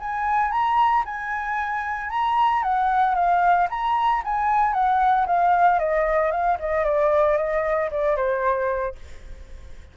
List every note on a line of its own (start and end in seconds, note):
0.00 0.51 G#5
0.51 1.04 A#5
1.05 2.10 G#5
2.10 2.63 A#5
2.63 3.15 F#5
3.15 3.68 F5
3.70 4.22 A#5
4.25 4.73 G#5
4.73 5.26 F#5
5.27 5.79 F5
5.79 6.32 D#5
6.32 6.58 F5
6.60 6.85 D#5
6.85 7.37 D5
7.38 7.90 D#5
7.91 8.17 D5
8.17 8.95 C5